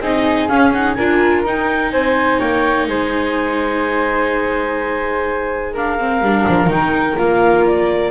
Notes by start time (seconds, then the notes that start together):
0.00 C4 D#4 G#4 D#5
0.48 C#4 F5
0.73 D#4 F#5
0.94 D4 F4 A#4 G#5
1.44 D#4 G5
1.91 C4 C5 G#5
2.38 A#3 C#5 G5
2.87 G#3 C5 G#5
5.73 D4 A#4 F5
5.99 C4
6.20 G3 D4
6.48 F3
6.67 D#3 D#4 G5
7.16 A#3 F4 F5
7.66 D5